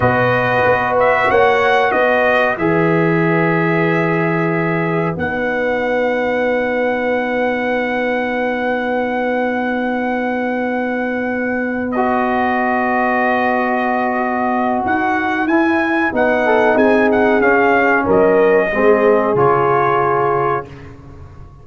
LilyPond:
<<
  \new Staff \with { instrumentName = "trumpet" } { \time 4/4 \tempo 4 = 93 dis''4. e''8 fis''4 dis''4 | e''1 | fis''1~ | fis''1~ |
fis''2~ fis''8 dis''4.~ | dis''2. fis''4 | gis''4 fis''4 gis''8 fis''8 f''4 | dis''2 cis''2 | }
  \new Staff \with { instrumentName = "horn" } { \time 4/4 b'2 cis''4 b'4~ | b'1~ | b'1~ | b'1~ |
b'1~ | b'1~ | b'4. a'8 gis'2 | ais'4 gis'2. | }
  \new Staff \with { instrumentName = "trombone" } { \time 4/4 fis'1 | gis'1 | dis'1~ | dis'1~ |
dis'2~ dis'8 fis'4.~ | fis'1 | e'4 dis'2 cis'4~ | cis'4 c'4 f'2 | }
  \new Staff \with { instrumentName = "tuba" } { \time 4/4 b,4 b4 ais4 b4 | e1 | b1~ | b1~ |
b1~ | b2. dis'4 | e'4 b4 c'4 cis'4 | fis4 gis4 cis2 | }
>>